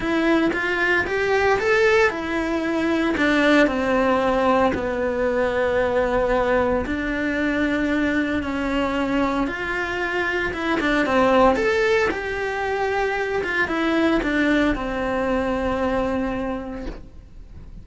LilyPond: \new Staff \with { instrumentName = "cello" } { \time 4/4 \tempo 4 = 114 e'4 f'4 g'4 a'4 | e'2 d'4 c'4~ | c'4 b2.~ | b4 d'2. |
cis'2 f'2 | e'8 d'8 c'4 a'4 g'4~ | g'4. f'8 e'4 d'4 | c'1 | }